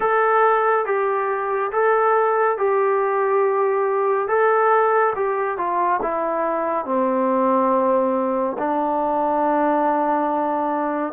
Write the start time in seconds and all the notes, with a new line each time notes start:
0.00 A4
0.85 G4
1.71 A4
2.57 G4
4.28 A4
5.15 G4
5.57 F4
6.02 E4
6.85 C4
8.58 D4